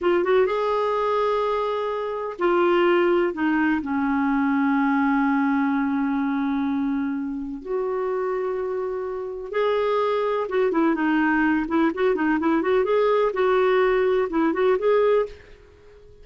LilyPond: \new Staff \with { instrumentName = "clarinet" } { \time 4/4 \tempo 4 = 126 f'8 fis'8 gis'2.~ | gis'4 f'2 dis'4 | cis'1~ | cis'1 |
fis'1 | gis'2 fis'8 e'8 dis'4~ | dis'8 e'8 fis'8 dis'8 e'8 fis'8 gis'4 | fis'2 e'8 fis'8 gis'4 | }